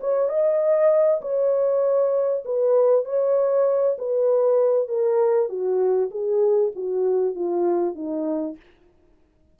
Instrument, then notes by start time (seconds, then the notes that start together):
horn
0.00 C#5
0.29 D#5
1.21 C#5
2.45 B4
3.05 C#5
3.98 B4
4.88 A#4
5.49 F#4
6.10 G#4
6.75 F#4
7.35 F4
7.95 D#4